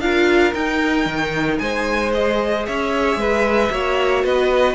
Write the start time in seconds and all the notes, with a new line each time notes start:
0.00 D4 F4 A#4 F5
0.54 D#4 G5
1.06 D#3
1.59 G#3 C5 G#5
2.14 G#4 D#5
2.66 C#4 C#5 E5
3.16 G#3 B4
3.71 A#3 F#4 C#5
4.24 B3 B4 D#5